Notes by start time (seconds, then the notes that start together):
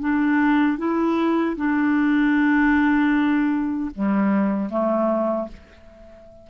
0.00 D4
0.78 E4
1.57 D4
3.95 G3
4.70 A3